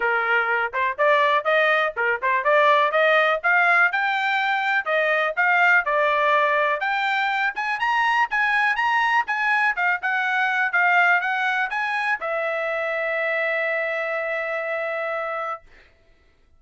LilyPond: \new Staff \with { instrumentName = "trumpet" } { \time 4/4 \tempo 4 = 123 ais'4. c''8 d''4 dis''4 | ais'8 c''8 d''4 dis''4 f''4 | g''2 dis''4 f''4 | d''2 g''4. gis''8 |
ais''4 gis''4 ais''4 gis''4 | f''8 fis''4. f''4 fis''4 | gis''4 e''2.~ | e''1 | }